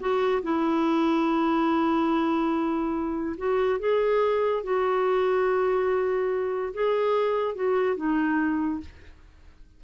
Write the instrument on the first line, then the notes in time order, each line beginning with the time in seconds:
clarinet
0.00 F#4
0.43 E4
3.38 F#4
3.80 G#4
4.63 F#4
6.74 G#4
7.55 F#4
7.96 D#4